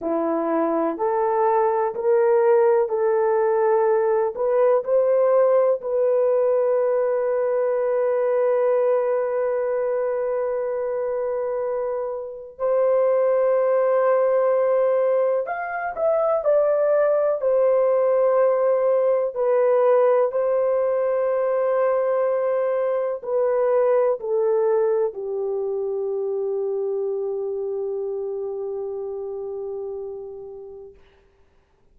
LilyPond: \new Staff \with { instrumentName = "horn" } { \time 4/4 \tempo 4 = 62 e'4 a'4 ais'4 a'4~ | a'8 b'8 c''4 b'2~ | b'1~ | b'4 c''2. |
f''8 e''8 d''4 c''2 | b'4 c''2. | b'4 a'4 g'2~ | g'1 | }